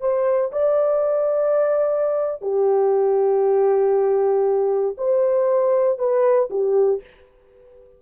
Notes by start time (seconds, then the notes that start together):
0.00 C5
0.52 D5
2.41 G4
4.97 C5
5.98 B4
6.50 G4